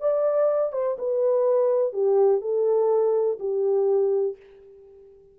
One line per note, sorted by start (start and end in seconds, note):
0.00 0.72 D5
0.72 0.97 C5
0.98 1.93 B4
1.93 2.41 G4
2.41 3.38 A4
3.39 4.36 G4